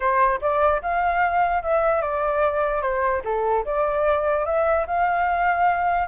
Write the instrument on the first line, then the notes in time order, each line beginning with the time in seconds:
flute
0.00 C5
0.41 D5
0.81 F5
1.62 E5
2.01 D5
2.81 C5
3.24 A4
3.65 D5
4.45 E5
4.86 F5